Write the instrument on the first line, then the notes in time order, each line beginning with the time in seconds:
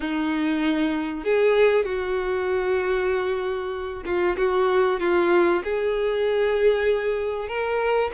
violin
0.00 D#4
1.23 G#4
1.85 F#4
4.05 F4
4.37 F#4
5.00 F4
5.63 G#4
7.48 A#4